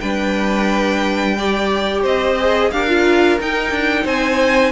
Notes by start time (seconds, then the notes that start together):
0.00 G3 D4 B4 G5
1.38 G4 D5
2.02 C4 C5 D#5
2.39 G#4
2.71 D4 G4 A#4 F5
2.88 F4
3.40 D#4 G5
3.71 D4
4.04 C4 C5 G#5